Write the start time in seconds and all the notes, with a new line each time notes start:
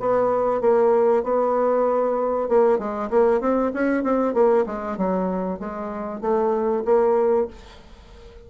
0.00 B3
0.61 A#3
1.24 B3
2.49 A#3
2.79 G#3
3.10 A#3
3.41 C4
3.74 C#4
4.04 C4
4.34 A#3
4.66 G#3
4.98 F#3
5.60 G#3
6.21 A3
6.85 A#3